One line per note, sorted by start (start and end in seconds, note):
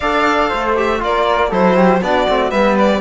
0.00 0.51 D4
0.00 0.76 A4
0.00 0.48 D5
0.00 0.75 F5
0.48 1.02 A3
0.48 0.99 C5
0.76 0.99 G4
0.76 1.02 E5
0.99 1.51 A#3
0.99 1.49 F4
0.99 1.49 A#4
0.99 1.52 D5
1.49 2.01 F#3
1.49 2.01 E4
1.49 1.74 A4
1.49 2.03 C5
1.75 2.00 G4
2.01 2.26 B3
2.01 2.28 D4
2.01 2.50 F#4
2.01 2.51 D5
2.28 2.52 A3
2.28 2.51 C4
2.50 3.00 G3
2.50 3.00 B3
2.50 3.00 B4
2.50 2.76 E5
2.78 3.00 D5